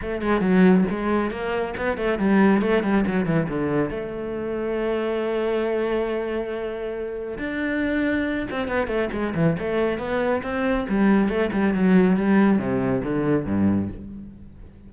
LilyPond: \new Staff \with { instrumentName = "cello" } { \time 4/4 \tempo 4 = 138 a8 gis8 fis4 gis4 ais4 | b8 a8 g4 a8 g8 fis8 e8 | d4 a2.~ | a1~ |
a4 d'2~ d'8 c'8 | b8 a8 gis8 e8 a4 b4 | c'4 g4 a8 g8 fis4 | g4 c4 d4 g,4 | }